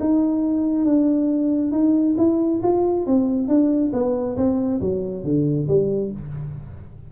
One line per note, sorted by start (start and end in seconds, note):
0.00 0.85 D#4
0.85 1.72 D4
1.72 2.16 D#4
2.18 2.62 E4
2.63 3.06 F4
3.06 3.48 C4
3.48 3.92 D4
3.93 4.37 B3
4.37 4.81 C4
4.81 5.24 F#3
5.24 5.68 D3
5.68 6.12 G3